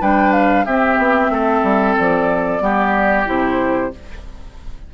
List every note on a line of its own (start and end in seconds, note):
0.00 0.66 G3
0.00 0.66 D4
0.00 0.65 B4
0.00 0.32 G5
0.32 0.64 F5
0.64 0.97 C4
0.64 2.59 C4
0.64 1.30 G4
0.64 1.95 E5
0.97 1.29 B3
1.29 1.62 A3
1.29 2.63 A4
1.62 1.95 G3
1.98 2.61 F3
1.98 3.28 D5
2.59 3.26 G3
2.59 3.25 B3
2.59 3.93 G4
3.25 3.93 C3
3.25 3.90 E4
3.25 3.93 C5